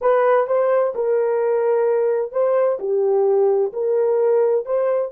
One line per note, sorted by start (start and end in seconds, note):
0.01 0.47 B4
0.47 0.93 C5
0.94 2.32 A#4
2.32 2.78 C5
2.79 3.72 G4
3.73 4.65 A#4
4.65 5.11 C5